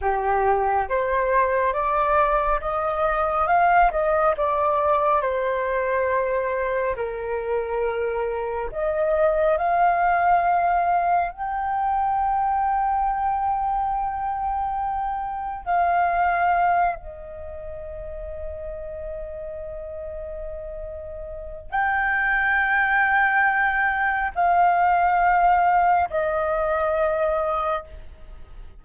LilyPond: \new Staff \with { instrumentName = "flute" } { \time 4/4 \tempo 4 = 69 g'4 c''4 d''4 dis''4 | f''8 dis''8 d''4 c''2 | ais'2 dis''4 f''4~ | f''4 g''2.~ |
g''2 f''4. dis''8~ | dis''1~ | dis''4 g''2. | f''2 dis''2 | }